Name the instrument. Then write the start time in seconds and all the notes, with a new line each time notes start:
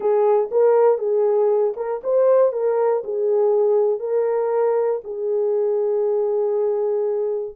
horn
0.00 G#4
0.51 A#4
0.98 G#4
1.76 A#4
2.03 C5
2.52 A#4
3.04 G#4
3.99 A#4
5.04 G#4